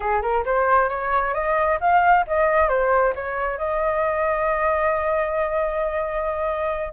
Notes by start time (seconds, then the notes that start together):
0.00 G#4
0.22 A#4
0.45 C5
0.89 C#5
1.34 D#5
1.80 F5
2.27 D#5
2.68 C5
3.15 C#5
3.58 D#5